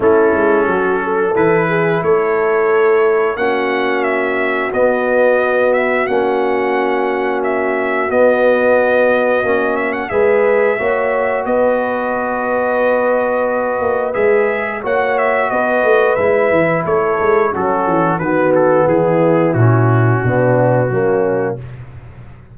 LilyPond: <<
  \new Staff \with { instrumentName = "trumpet" } { \time 4/4 \tempo 4 = 89 a'2 b'4 cis''4~ | cis''4 fis''4 e''4 dis''4~ | dis''8 e''8 fis''2 e''4 | dis''2~ dis''8 e''16 fis''16 e''4~ |
e''4 dis''2.~ | dis''4 e''4 fis''8 e''8 dis''4 | e''4 cis''4 a'4 b'8 a'8 | gis'4 fis'2. | }
  \new Staff \with { instrumentName = "horn" } { \time 4/4 e'4 fis'8 a'4 gis'8 a'4~ | a'4 fis'2.~ | fis'1~ | fis'2. b'4 |
cis''4 b'2.~ | b'2 cis''4 b'4~ | b'4 a'4 cis'4 fis'4 | e'2 d'4 cis'4 | }
  \new Staff \with { instrumentName = "trombone" } { \time 4/4 cis'2 e'2~ | e'4 cis'2 b4~ | b4 cis'2. | b2 cis'4 gis'4 |
fis'1~ | fis'4 gis'4 fis'2 | e'2 fis'4 b4~ | b4 cis'4 b4 ais4 | }
  \new Staff \with { instrumentName = "tuba" } { \time 4/4 a8 gis8 fis4 e4 a4~ | a4 ais2 b4~ | b4 ais2. | b2 ais4 gis4 |
ais4 b2.~ | b8 ais8 gis4 ais4 b8 a8 | gis8 e8 a8 gis8 fis8 e8 dis4 | e4 ais,4 b,4 fis4 | }
>>